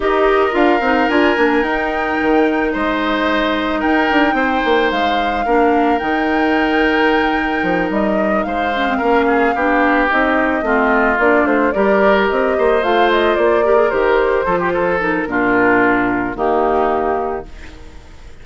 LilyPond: <<
  \new Staff \with { instrumentName = "flute" } { \time 4/4 \tempo 4 = 110 dis''4 f''4 gis''4 g''4~ | g''4 dis''2 g''4~ | g''4 f''2 g''4~ | g''2~ g''8 dis''4 f''8~ |
f''2~ f''8 dis''4.~ | dis''8 d''8 c''8 d''4 dis''4 f''8 | dis''8 d''4 c''2 ais'8~ | ais'2 g'2 | }
  \new Staff \with { instrumentName = "oboe" } { \time 4/4 ais'1~ | ais'4 c''2 ais'4 | c''2 ais'2~ | ais'2.~ ais'8 c''8~ |
c''8 ais'8 gis'8 g'2 f'8~ | f'4. ais'4. c''4~ | c''4 ais'4. a'16 g'16 a'4 | f'2 dis'2 | }
  \new Staff \with { instrumentName = "clarinet" } { \time 4/4 g'4 f'8 dis'8 f'8 d'8 dis'4~ | dis'1~ | dis'2 d'4 dis'4~ | dis'1 |
cis'16 c'16 cis'4 d'4 dis'4 c'8~ | c'8 d'4 g'2 f'8~ | f'4 g'16 gis'16 g'4 f'4 dis'8 | d'2 ais2 | }
  \new Staff \with { instrumentName = "bassoon" } { \time 4/4 dis'4 d'8 c'8 d'8 ais8 dis'4 | dis4 gis2 dis'8 d'8 | c'8 ais8 gis4 ais4 dis4~ | dis2 f8 g4 gis8~ |
gis8 ais4 b4 c'4 a8~ | a8 ais8 a8 g4 c'8 ais8 a8~ | a8 ais4 dis4 f4. | ais,2 dis2 | }
>>